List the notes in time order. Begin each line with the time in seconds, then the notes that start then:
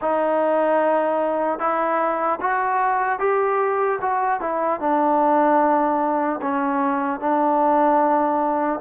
0.01 D#4
1.59 E4
2.40 F#4
3.19 G4
4.01 F#4
4.40 E4
4.80 D4
6.41 C#4
7.20 D4